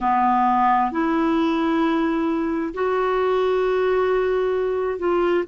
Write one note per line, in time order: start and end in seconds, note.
0.00 0.91 B3
0.91 2.73 E4
2.74 4.98 F#4
4.98 5.44 F4